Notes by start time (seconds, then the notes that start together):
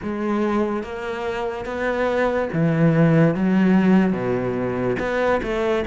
0.02 G#3
0.83 A#3
1.65 B3
2.52 E3
3.34 F#3
4.12 B2
4.98 B3
5.42 A3